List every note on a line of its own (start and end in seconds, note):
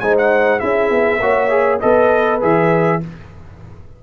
0.00 0.61 G#3
0.00 0.60 D#4
0.00 0.61 C5
0.00 0.15 G#5
0.18 0.59 F#5
0.59 0.90 C#4
0.59 1.20 E4
0.59 1.21 G#4
0.59 1.79 E5
0.90 1.20 B3
1.21 1.81 A#3
1.21 1.50 F#4
1.21 1.80 C#5
1.50 1.80 G#4
1.80 2.43 B3
1.80 2.41 A4
1.80 3.01 B4
1.80 2.40 D#5
2.41 3.03 E3
2.41 3.00 G#4
2.41 3.03 E5